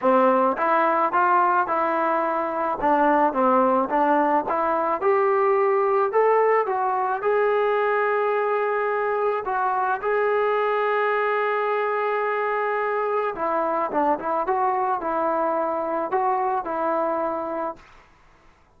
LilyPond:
\new Staff \with { instrumentName = "trombone" } { \time 4/4 \tempo 4 = 108 c'4 e'4 f'4 e'4~ | e'4 d'4 c'4 d'4 | e'4 g'2 a'4 | fis'4 gis'2.~ |
gis'4 fis'4 gis'2~ | gis'1 | e'4 d'8 e'8 fis'4 e'4~ | e'4 fis'4 e'2 | }